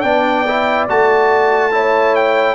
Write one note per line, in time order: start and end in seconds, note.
0.00 0.87 B3
0.00 0.46 D4
0.00 1.71 D5
0.00 0.85 G5
0.47 0.88 E4
0.88 2.55 A3
0.88 1.71 F#4
0.88 2.15 A5
1.71 2.55 E4
1.71 2.55 C#5
2.15 2.55 G5